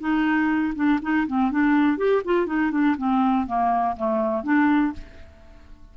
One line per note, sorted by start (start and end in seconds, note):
0.00 0.74 D#4
0.75 1.00 D4
1.02 1.27 D#4
1.27 1.51 C4
1.51 1.98 D4
1.98 2.22 G4
2.25 2.47 F4
2.47 2.71 D#4
2.71 2.96 D4
2.98 3.47 C4
3.47 3.96 A#3
3.96 4.44 A3
4.44 4.93 D4